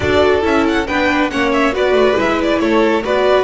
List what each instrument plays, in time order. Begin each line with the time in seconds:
0.00 double bass D4, viola F#4, violin A4 D5
0.41 double bass C#4, viola E4, violin E5
0.67 violin F#5
0.87 double bass B3, viola D4, violin B4 G5
1.30 double bass A#3, viola C#4, violin C#5 F#5
1.52 violin E5
1.72 double bass B3, viola F#4, violin B4 D5
1.92 double bass A3
2.15 double bass G#3, viola E4, violin E5
2.42 violin D5
2.59 double bass A3, violin A4 C#5
3.03 double bass B3, viola F#4, violin B4 D5